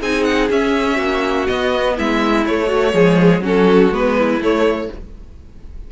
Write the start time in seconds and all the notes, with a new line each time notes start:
0.00 C4 D#4 G#4 G#5
0.23 F#5
0.49 C#4 E5
0.96 A#3 F#4
1.46 B3 D#5
1.96 G#3 E4 E5
2.45 A3 C#5
2.67 F#4
2.92 F3 G#3 G#4
3.39 F#3 C#4 F#4 A4
3.91 G#3 B3 B4
4.18 E4
4.39 A3 C#5